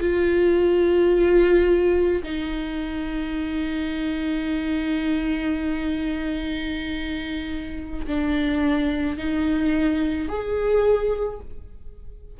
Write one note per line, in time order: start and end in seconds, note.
0.00 2.22 F4
2.23 8.06 D#4
8.07 9.17 D4
9.17 10.28 D#4
10.29 11.40 G#4